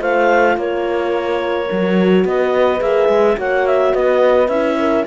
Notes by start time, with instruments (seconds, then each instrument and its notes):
0.00 cello A3, horn F4 C5, clarinet F5
0.57 cello A#3, horn A#4, clarinet C#5
1.72 cello F#3, horn F#4
2.25 cello B3, horn B4, clarinet D#5
2.80 cello A#3, horn G#4, clarinet E5
3.09 cello G#3
3.36 cello A#3, horn F#4 C#5, clarinet F#5
3.67 clarinet E5
3.93 cello B3, horn B4, clarinet D#5
4.48 cello C#4, horn E4, clarinet E5
4.79 horn A#4